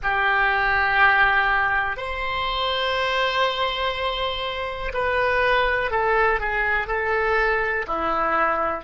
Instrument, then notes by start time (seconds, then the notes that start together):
oboe
0.03 G4
1.97 C5
4.93 B4
5.90 A4
6.40 G#4
6.87 A4
7.87 E4